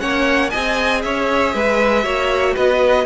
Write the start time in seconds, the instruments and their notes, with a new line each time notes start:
0.00 cello A#3, viola C#4, violin C#5 F#5
0.50 cello C4, viola G#4, violin D#5 G#5
1.02 cello C#4, violin C#5 E5
1.54 cello G#3, violin B4
2.03 cello A#3, viola F#4, violin C#5
2.54 cello B3, violin B4 D#5